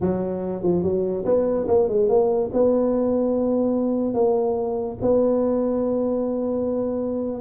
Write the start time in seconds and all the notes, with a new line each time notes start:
0.00 F#3
0.62 F3
0.83 F#3
1.25 B3
1.67 A#3
1.88 G#3
2.08 A#3
2.53 B3
4.14 A#3
5.01 B3